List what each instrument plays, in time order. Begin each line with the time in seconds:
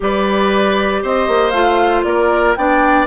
0.00 bassoon G3, clarinet G4, oboe B4, flute D5
1.02 bassoon C4, oboe C5, flute D#5
1.28 bassoon A#3
1.50 bassoon A3, clarinet F4, flute F5
2.03 bassoon A#3, oboe A#4, flute D5
2.55 bassoon B3, clarinet D4, oboe D5, flute G5